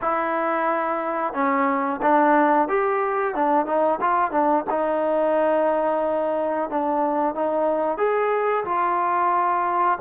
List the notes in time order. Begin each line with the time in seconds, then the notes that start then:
0.01 E4
1.33 C#4
2.02 D4
2.68 G4
3.35 D4
3.65 D#4
4.01 F4
4.31 D4
4.69 D#4
6.70 D4
7.35 D#4
7.97 G#4
8.65 F4